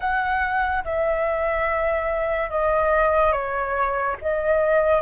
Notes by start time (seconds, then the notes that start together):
0.00 F#5
0.84 E5
2.50 D#5
3.32 C#5
4.21 D#5